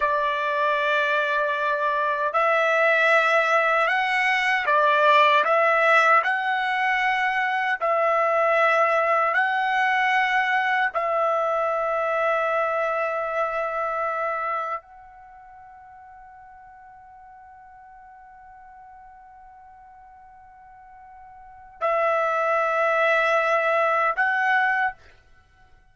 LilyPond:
\new Staff \with { instrumentName = "trumpet" } { \time 4/4 \tempo 4 = 77 d''2. e''4~ | e''4 fis''4 d''4 e''4 | fis''2 e''2 | fis''2 e''2~ |
e''2. fis''4~ | fis''1~ | fis''1 | e''2. fis''4 | }